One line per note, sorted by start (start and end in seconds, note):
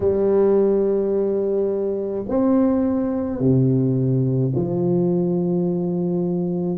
0.00 2.25 G3
2.28 3.40 C4
3.40 4.53 C3
4.55 6.77 F3